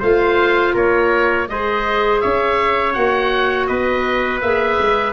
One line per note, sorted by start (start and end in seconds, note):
0.00 0.75 A3
0.00 1.49 F4
0.00 0.73 C5
0.00 0.76 F5
0.74 1.49 A#3
0.74 1.47 A#4
0.74 1.49 C#5
1.49 2.22 G#3
1.49 2.94 G#4
1.49 2.23 C5
1.49 2.21 D#5
2.21 2.97 C#4
2.21 3.69 C#5
2.21 2.94 E5
2.94 3.70 A#3
2.94 4.41 F#4
2.94 3.67 F#5
3.67 4.43 B3
3.67 5.14 B4
3.67 4.41 D#5
4.42 4.79 A#3
4.42 5.14 G#4
4.42 5.14 E5
4.81 5.14 G#3